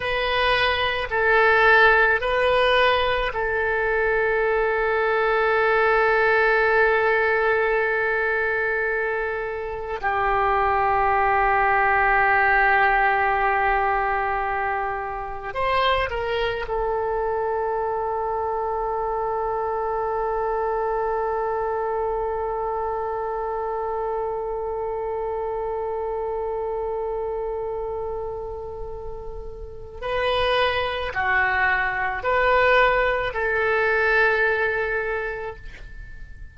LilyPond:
\new Staff \with { instrumentName = "oboe" } { \time 4/4 \tempo 4 = 54 b'4 a'4 b'4 a'4~ | a'1~ | a'4 g'2.~ | g'2 c''8 ais'8 a'4~ |
a'1~ | a'1~ | a'2. b'4 | fis'4 b'4 a'2 | }